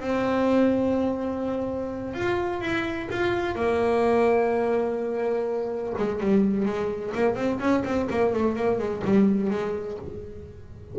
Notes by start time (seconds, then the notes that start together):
0.00 C4
2.14 F4
2.61 E4
3.10 F4
3.55 A#3
5.98 G#3
6.20 G3
6.65 G#3
7.15 A#3
7.35 C4
7.59 C#4
7.85 C4
8.10 A#3
8.33 A3
8.56 A#3
8.79 G#3
9.04 G3
9.50 G#3